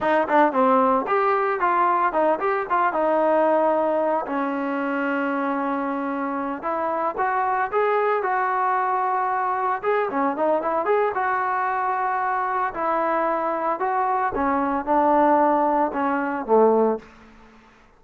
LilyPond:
\new Staff \with { instrumentName = "trombone" } { \time 4/4 \tempo 4 = 113 dis'8 d'8 c'4 g'4 f'4 | dis'8 g'8 f'8 dis'2~ dis'8 | cis'1~ | cis'8 e'4 fis'4 gis'4 fis'8~ |
fis'2~ fis'8 gis'8 cis'8 dis'8 | e'8 gis'8 fis'2. | e'2 fis'4 cis'4 | d'2 cis'4 a4 | }